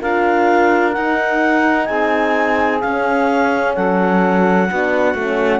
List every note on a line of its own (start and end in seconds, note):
0.00 0.97 D4
0.00 0.94 F4
0.00 1.88 A#4
0.00 0.92 F5
0.92 2.83 D#4
0.92 1.89 D#4
0.92 1.86 F#5
1.86 2.83 C4
1.86 3.74 G#4
1.86 2.79 G#5
2.80 4.70 C#4
2.80 3.77 C#4
2.80 3.74 F5
3.74 4.71 F#3
3.74 4.67 A4
3.74 5.60 F#5
4.67 5.14 B3
4.67 5.17 D4
4.67 5.60 F#4
5.14 5.60 A3
5.14 5.60 C#4